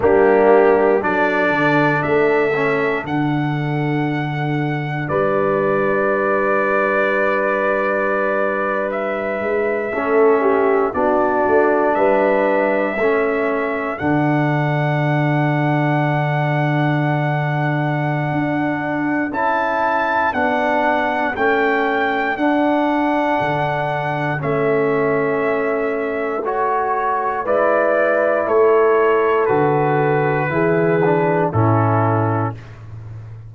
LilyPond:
<<
  \new Staff \with { instrumentName = "trumpet" } { \time 4/4 \tempo 4 = 59 g'4 d''4 e''4 fis''4~ | fis''4 d''2.~ | d''8. e''2 d''4 e''16~ | e''4.~ e''16 fis''2~ fis''16~ |
fis''2. a''4 | fis''4 g''4 fis''2 | e''2 cis''4 d''4 | cis''4 b'2 a'4 | }
  \new Staff \with { instrumentName = "horn" } { \time 4/4 d'4 a'2.~ | a'4 b'2.~ | b'4.~ b'16 a'8 g'8 fis'4 b'16~ | b'8. a'2.~ a'16~ |
a'1~ | a'1~ | a'2. b'4 | a'2 gis'4 e'4 | }
  \new Staff \with { instrumentName = "trombone" } { \time 4/4 ais4 d'4. cis'8 d'4~ | d'1~ | d'4.~ d'16 cis'4 d'4~ d'16~ | d'8. cis'4 d'2~ d'16~ |
d'2. e'4 | d'4 cis'4 d'2 | cis'2 fis'4 e'4~ | e'4 fis'4 e'8 d'8 cis'4 | }
  \new Staff \with { instrumentName = "tuba" } { \time 4/4 g4 fis8 d8 a4 d4~ | d4 g2.~ | g4~ g16 gis8 a4 b8 a8 g16~ | g8. a4 d2~ d16~ |
d2 d'4 cis'4 | b4 a4 d'4 d4 | a2. gis4 | a4 d4 e4 a,4 | }
>>